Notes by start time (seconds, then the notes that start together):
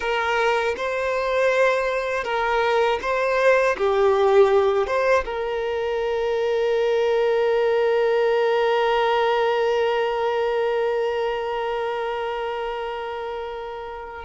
0.00 A#4
0.76 C5
2.24 A#4
3.01 C5
3.77 G4
4.86 C5
5.25 A#4